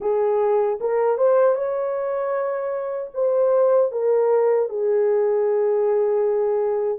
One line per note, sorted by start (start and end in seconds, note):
0.00 0.78 G#4
0.80 1.17 A#4
1.17 1.55 C5
1.55 3.11 C#5
3.14 3.91 C5
3.91 4.69 A#4
4.69 6.98 G#4